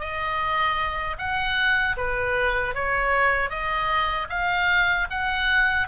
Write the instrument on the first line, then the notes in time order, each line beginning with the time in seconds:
oboe
0.00 D#5
1.18 F#5
1.97 B4
2.75 C#5
3.50 D#5
4.30 F5
5.10 F#5